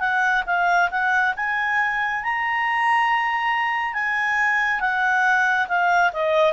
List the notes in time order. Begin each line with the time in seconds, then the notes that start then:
0.00 F#5
0.47 F5
0.91 F#5
1.37 G#5
2.24 A#5
3.94 G#5
4.81 F#5
5.68 F5
6.13 D#5